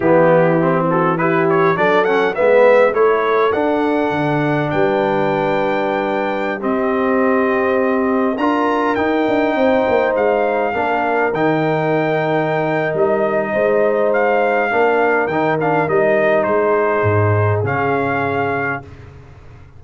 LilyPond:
<<
  \new Staff \with { instrumentName = "trumpet" } { \time 4/4 \tempo 4 = 102 g'4. a'8 b'8 cis''8 d''8 fis''8 | e''4 cis''4 fis''2 | g''2.~ g''16 dis''8.~ | dis''2~ dis''16 ais''4 g''8.~ |
g''4~ g''16 f''2 g''8.~ | g''2 dis''2 | f''2 g''8 f''8 dis''4 | c''2 f''2 | }
  \new Staff \with { instrumentName = "horn" } { \time 4/4 e'4. fis'8 g'4 a'4 | b'4 a'2. | b'2.~ b'16 g'8.~ | g'2~ g'16 ais'4.~ ais'16~ |
ais'16 c''2 ais'4.~ ais'16~ | ais'2. c''4~ | c''4 ais'2. | gis'1 | }
  \new Staff \with { instrumentName = "trombone" } { \time 4/4 b4 c'4 e'4 d'8 cis'8 | b4 e'4 d'2~ | d'2.~ d'16 c'8.~ | c'2~ c'16 f'4 dis'8.~ |
dis'2~ dis'16 d'4 dis'8.~ | dis'1~ | dis'4 d'4 dis'8 d'8 dis'4~ | dis'2 cis'2 | }
  \new Staff \with { instrumentName = "tuba" } { \time 4/4 e2. fis4 | gis4 a4 d'4 d4 | g2.~ g16 c'8.~ | c'2~ c'16 d'4 dis'8 d'16~ |
d'16 c'8 ais8 gis4 ais4 dis8.~ | dis2 g4 gis4~ | gis4 ais4 dis4 g4 | gis4 gis,4 cis2 | }
>>